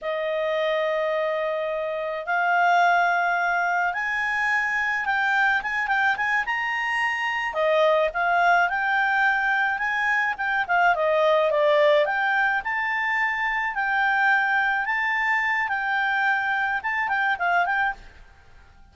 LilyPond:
\new Staff \with { instrumentName = "clarinet" } { \time 4/4 \tempo 4 = 107 dis''1 | f''2. gis''4~ | gis''4 g''4 gis''8 g''8 gis''8 ais''8~ | ais''4. dis''4 f''4 g''8~ |
g''4. gis''4 g''8 f''8 dis''8~ | dis''8 d''4 g''4 a''4.~ | a''8 g''2 a''4. | g''2 a''8 g''8 f''8 g''8 | }